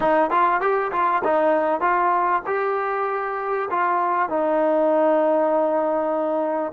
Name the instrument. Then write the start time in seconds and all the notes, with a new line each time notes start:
trombone
0.00 D#4
0.30 F4
0.60 G4
0.92 F4
1.24 D#4
1.80 F4
2.46 G4
3.70 F4
4.29 D#4